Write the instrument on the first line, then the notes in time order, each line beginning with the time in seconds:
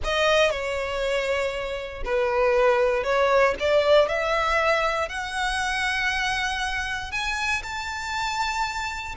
violin
0.04 D#5
0.50 C#5
2.04 B4
3.03 C#5
3.59 D5
4.08 E5
5.08 F#5
7.11 G#5
7.62 A5